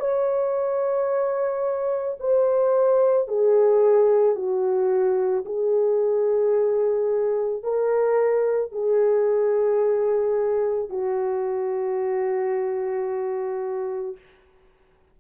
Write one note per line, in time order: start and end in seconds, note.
0.00 2.18 C#5
2.20 3.28 C5
3.28 4.36 G#4
4.36 5.45 F#4
5.46 7.64 G#4
7.64 8.72 A#4
8.72 10.90 G#4
10.90 14.17 F#4